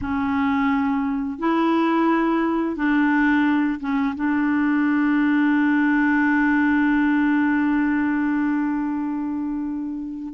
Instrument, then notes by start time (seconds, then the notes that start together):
clarinet
0.01 C#4
1.38 E4
2.76 D4
3.80 C#4
4.15 D4